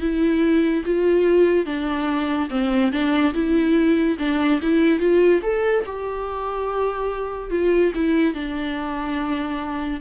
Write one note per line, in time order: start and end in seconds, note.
0.00 0.83 E4
0.85 1.65 F4
1.65 2.48 D4
2.50 2.91 C4
2.92 3.33 D4
3.34 4.17 E4
4.19 4.60 D4
4.61 4.99 E4
4.99 5.41 F4
5.42 5.84 A4
5.85 7.50 G4
7.50 7.92 F4
7.94 8.34 E4
8.34 10.00 D4